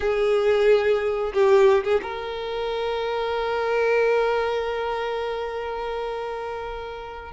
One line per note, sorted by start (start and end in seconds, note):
0.00 1.32 G#4
1.33 1.83 G4
1.84 2.00 G#4
2.02 7.32 A#4